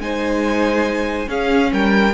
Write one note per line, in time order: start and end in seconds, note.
0.00 1.28 G#3
0.00 1.27 D#4
0.00 1.29 C5
0.00 1.29 G#5
1.27 2.12 C#4
1.27 1.72 C#4
1.27 1.72 G#4
1.27 1.73 F5
1.72 2.14 G3
1.72 2.14 A#4
1.72 2.14 G5